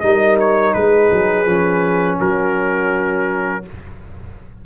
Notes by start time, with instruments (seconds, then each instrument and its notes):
0.00 tuba G3, trombone D#4, horn A#4, trumpet D#5
0.40 trumpet C#5
0.73 tuba G#3, horn G#4, trumpet B4
1.11 tuba F#3
1.45 tuba F3, trombone C#4
2.18 tuba F#3, horn F#4, trumpet A#4